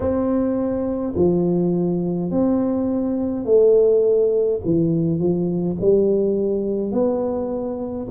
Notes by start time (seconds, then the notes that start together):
0.00 C4
1.15 F3
2.31 C4
3.45 A3
4.65 E3
5.19 F3
5.81 G3
6.92 B3